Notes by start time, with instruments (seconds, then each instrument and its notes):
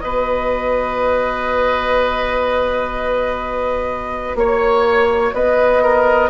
0.00 bassoon B3, clarinet F#4, oboe B4, flute D#5
4.35 bassoon A#3, flute C#5, oboe C#5
5.33 bassoon B3, oboe B4, flute D#5
5.83 oboe A#4